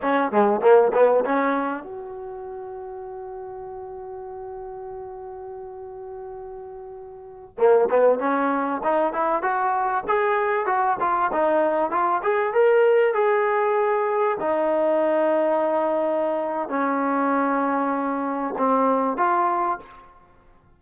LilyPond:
\new Staff \with { instrumentName = "trombone" } { \time 4/4 \tempo 4 = 97 cis'8 gis8 ais8 b8 cis'4 fis'4~ | fis'1~ | fis'1~ | fis'16 ais8 b8 cis'4 dis'8 e'8 fis'8.~ |
fis'16 gis'4 fis'8 f'8 dis'4 f'8 gis'16~ | gis'16 ais'4 gis'2 dis'8.~ | dis'2. cis'4~ | cis'2 c'4 f'4 | }